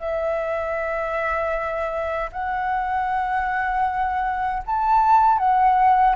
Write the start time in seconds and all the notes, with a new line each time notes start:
0.00 E5
2.33 F#5
4.66 A5
5.39 F#5